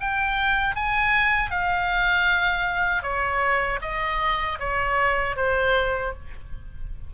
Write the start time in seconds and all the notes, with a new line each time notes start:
0.00 G5
0.76 G#5
1.50 F5
3.02 C#5
3.81 D#5
4.59 C#5
5.36 C5